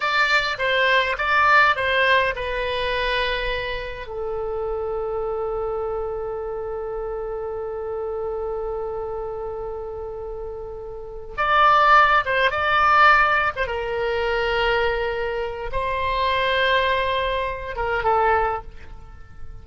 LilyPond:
\new Staff \with { instrumentName = "oboe" } { \time 4/4 \tempo 4 = 103 d''4 c''4 d''4 c''4 | b'2. a'4~ | a'1~ | a'1~ |
a'2.~ a'8 d''8~ | d''4 c''8 d''4.~ d''16 c''16 ais'8~ | ais'2. c''4~ | c''2~ c''8 ais'8 a'4 | }